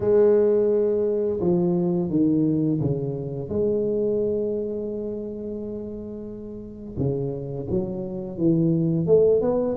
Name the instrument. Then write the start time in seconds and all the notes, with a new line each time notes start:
tuba
0.00 G#3
1.40 F3
2.09 D#3
2.81 C#3
3.49 G#3
6.97 C#3
7.70 F#3
8.37 E3
9.06 A3
9.41 B3